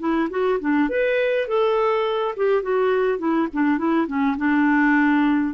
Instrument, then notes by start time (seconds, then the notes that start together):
clarinet
0.00 E4
0.30 F#4
0.60 D4
0.90 B4
1.48 A4
2.37 G4
2.63 F#4
3.19 E4
3.54 D4
3.78 E4
4.08 C#4
4.38 D4